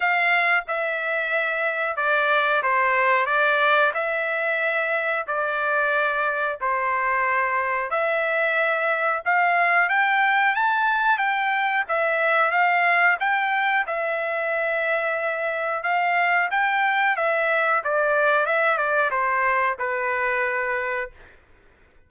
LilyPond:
\new Staff \with { instrumentName = "trumpet" } { \time 4/4 \tempo 4 = 91 f''4 e''2 d''4 | c''4 d''4 e''2 | d''2 c''2 | e''2 f''4 g''4 |
a''4 g''4 e''4 f''4 | g''4 e''2. | f''4 g''4 e''4 d''4 | e''8 d''8 c''4 b'2 | }